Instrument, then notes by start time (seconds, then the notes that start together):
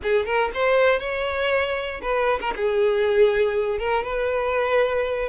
violin
0.03 G#4
0.25 A#4
0.54 C5
0.99 C#5
2.01 B4
2.41 A#4
2.56 G#4
3.78 A#4
4.03 B4